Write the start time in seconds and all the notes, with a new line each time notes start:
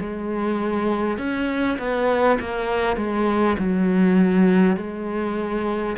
0.00 G#3
1.17 C#4
1.78 B3
2.40 A#3
2.97 G#3
3.58 F#3
4.77 G#3